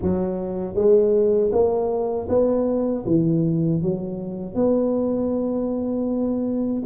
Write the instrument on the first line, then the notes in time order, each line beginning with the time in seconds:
tuba
0.02 F#3
0.74 G#3
1.52 A#3
2.28 B3
3.06 E3
3.82 F#3
4.55 B3